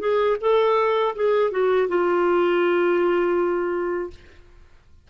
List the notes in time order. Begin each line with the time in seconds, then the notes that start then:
0.00 G#4
0.41 A4
1.16 G#4
1.51 F#4
1.89 F4